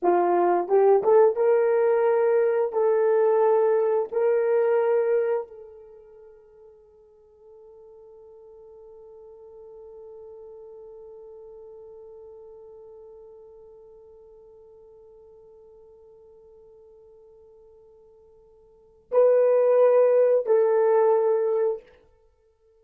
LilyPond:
\new Staff \with { instrumentName = "horn" } { \time 4/4 \tempo 4 = 88 f'4 g'8 a'8 ais'2 | a'2 ais'2 | a'1~ | a'1~ |
a'1~ | a'1~ | a'1 | b'2 a'2 | }